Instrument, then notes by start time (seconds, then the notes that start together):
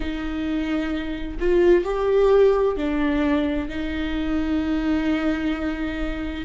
viola
0.00 D#4
1.39 F4
1.84 G4
2.77 D4
3.69 D#4